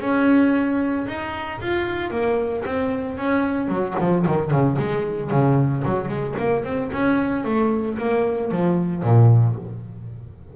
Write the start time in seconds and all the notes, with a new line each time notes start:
0.00 C#4
1.07 D#4
1.60 F4
2.10 A#3
2.65 C4
3.17 C#4
3.68 F#3
3.99 F3
4.27 D#3
4.50 C#3
4.79 G#3
5.30 C#3
5.85 F#3
6.08 G#3
6.38 A#3
6.64 C4
6.92 C#4
7.44 A3
7.98 A#3
8.51 F3
9.03 A#2